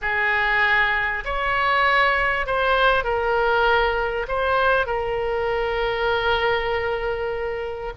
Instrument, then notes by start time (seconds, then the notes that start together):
oboe
0.01 G#4
1.24 C#5
2.46 C5
3.03 A#4
4.28 C5
4.86 A#4